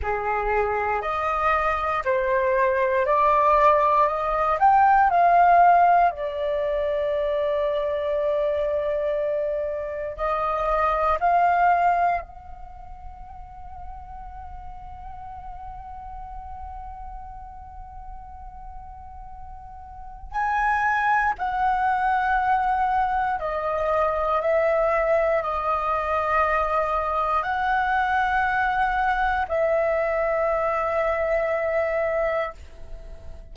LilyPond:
\new Staff \with { instrumentName = "flute" } { \time 4/4 \tempo 4 = 59 gis'4 dis''4 c''4 d''4 | dis''8 g''8 f''4 d''2~ | d''2 dis''4 f''4 | fis''1~ |
fis''1 | gis''4 fis''2 dis''4 | e''4 dis''2 fis''4~ | fis''4 e''2. | }